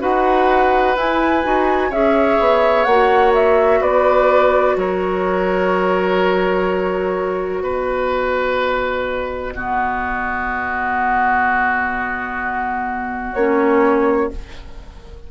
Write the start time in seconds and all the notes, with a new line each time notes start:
0.00 D#4 F#4 B4 F#5
0.97 E4 G#5
1.44 D#4 F#4
1.90 C#4 G#4 C#5 E5
2.40 B3
2.85 A#3 F#4 F#5
3.35 E5
3.81 B3 B4 D5
4.77 F#3 A#4 C#5
7.62 B3 B4 D#5
9.55 B3 F#4
13.34 A#3 C#4 C#5